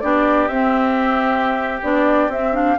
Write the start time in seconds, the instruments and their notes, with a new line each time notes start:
0.00 bassoon B3, clarinet D4, oboe G4, flute D5
0.47 bassoon C4, clarinet C4, flute E5
1.82 bassoon B3, clarinet D4, flute D5
2.28 bassoon C4, clarinet C4, flute E5
2.52 clarinet D4, flute F5